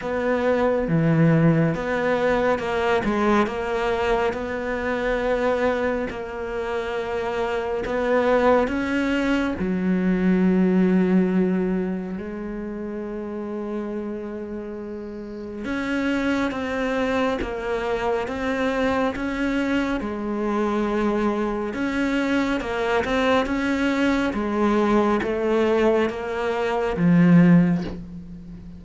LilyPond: \new Staff \with { instrumentName = "cello" } { \time 4/4 \tempo 4 = 69 b4 e4 b4 ais8 gis8 | ais4 b2 ais4~ | ais4 b4 cis'4 fis4~ | fis2 gis2~ |
gis2 cis'4 c'4 | ais4 c'4 cis'4 gis4~ | gis4 cis'4 ais8 c'8 cis'4 | gis4 a4 ais4 f4 | }